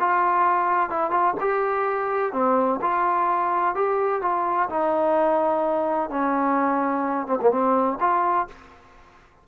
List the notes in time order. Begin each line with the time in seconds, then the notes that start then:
0.00 F4
0.90 E4
1.11 F4
1.40 G4
2.33 C4
2.82 F4
3.75 G4
4.22 F4
4.70 D#4
6.10 C#4
7.27 C4
7.41 A#3
7.51 C4
8.00 F4